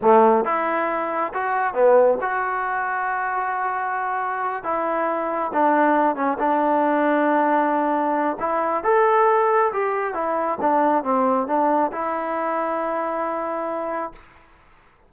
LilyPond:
\new Staff \with { instrumentName = "trombone" } { \time 4/4 \tempo 4 = 136 a4 e'2 fis'4 | b4 fis'2.~ | fis'2~ fis'8 e'4.~ | e'8 d'4. cis'8 d'4.~ |
d'2. e'4 | a'2 g'4 e'4 | d'4 c'4 d'4 e'4~ | e'1 | }